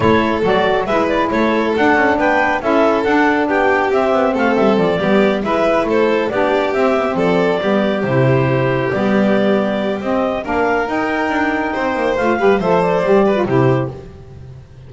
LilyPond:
<<
  \new Staff \with { instrumentName = "clarinet" } { \time 4/4 \tempo 4 = 138 cis''4 d''4 e''8 d''8 cis''4 | fis''4 g''4 e''4 fis''4 | g''4 e''4 f''8 e''8 d''4~ | d''8 e''4 c''4 d''4 e''8~ |
e''8 d''2 c''4.~ | c''8 d''2~ d''8 dis''4 | f''4 g''2. | f''4 e''8 d''4. c''4 | }
  \new Staff \with { instrumentName = "violin" } { \time 4/4 a'2 b'4 a'4~ | a'4 b'4 a'2 | g'2 a'4. g'8~ | g'8 b'4 a'4 g'4.~ |
g'8 a'4 g'2~ g'8~ | g'1 | ais'2. c''4~ | c''8 b'8 c''4. b'8 g'4 | }
  \new Staff \with { instrumentName = "saxophone" } { \time 4/4 e'4 fis'4 e'2 | d'2 e'4 d'4~ | d'4 c'2~ c'8 b8~ | b8 e'2 d'4 c'8 |
b16 c'4~ c'16 b4 e'4.~ | e'8 b2~ b8 c'4 | d'4 dis'2. | f'8 g'8 a'4 g'8. f'16 e'4 | }
  \new Staff \with { instrumentName = "double bass" } { \time 4/4 a4 fis4 gis4 a4 | d'8 cis'8 b4 cis'4 d'4 | b4 c'8 b8 a8 g8 f8 g8~ | g8 gis4 a4 b4 c'8~ |
c'8 f4 g4 c4.~ | c8 g2~ g8 c'4 | ais4 dis'4 d'4 c'8 ais8 | a8 g8 f4 g4 c4 | }
>>